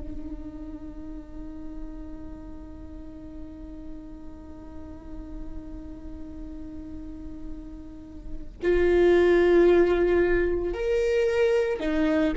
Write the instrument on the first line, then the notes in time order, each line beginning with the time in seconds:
viola
0.00 D#4
8.63 F4
10.74 A#4
11.81 D#4